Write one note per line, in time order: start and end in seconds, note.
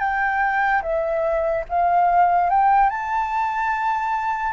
0.00 0.82 G5
0.82 1.64 E5
1.69 2.50 F5
2.50 2.90 G5
2.90 4.53 A5